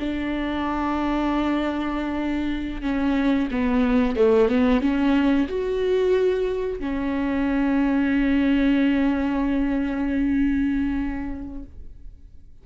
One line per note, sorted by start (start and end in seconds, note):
0.00 2.82 D4
2.82 3.49 C#4
3.51 4.17 B3
4.17 4.49 A3
4.49 4.82 B3
4.82 5.48 C#4
5.48 6.80 F#4
6.80 11.64 C#4